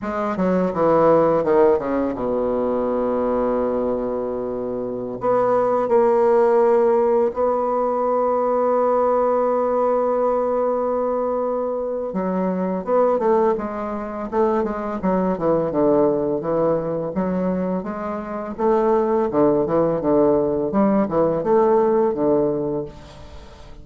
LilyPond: \new Staff \with { instrumentName = "bassoon" } { \time 4/4 \tempo 4 = 84 gis8 fis8 e4 dis8 cis8 b,4~ | b,2.~ b,16 b8.~ | b16 ais2 b4.~ b16~ | b1~ |
b4 fis4 b8 a8 gis4 | a8 gis8 fis8 e8 d4 e4 | fis4 gis4 a4 d8 e8 | d4 g8 e8 a4 d4 | }